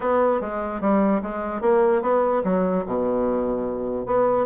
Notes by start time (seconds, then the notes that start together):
0.00 B3
0.40 G#3
0.80 G3
1.22 G#3
1.61 A#3
2.02 B3
2.44 F#3
2.86 B2
4.05 B3